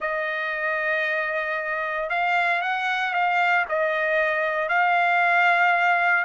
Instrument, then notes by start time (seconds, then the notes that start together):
trumpet
0.00 D#5
2.09 F5
2.61 F#5
3.13 F5
3.68 D#5
4.69 F5